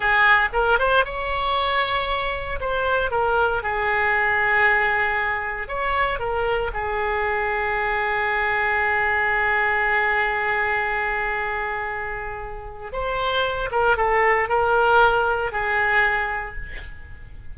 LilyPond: \new Staff \with { instrumentName = "oboe" } { \time 4/4 \tempo 4 = 116 gis'4 ais'8 c''8 cis''2~ | cis''4 c''4 ais'4 gis'4~ | gis'2. cis''4 | ais'4 gis'2.~ |
gis'1~ | gis'1~ | gis'4 c''4. ais'8 a'4 | ais'2 gis'2 | }